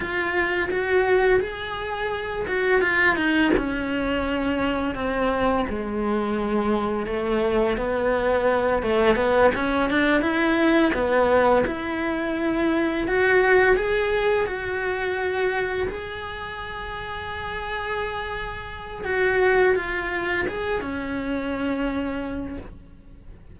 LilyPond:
\new Staff \with { instrumentName = "cello" } { \time 4/4 \tempo 4 = 85 f'4 fis'4 gis'4. fis'8 | f'8 dis'8 cis'2 c'4 | gis2 a4 b4~ | b8 a8 b8 cis'8 d'8 e'4 b8~ |
b8 e'2 fis'4 gis'8~ | gis'8 fis'2 gis'4.~ | gis'2. fis'4 | f'4 gis'8 cis'2~ cis'8 | }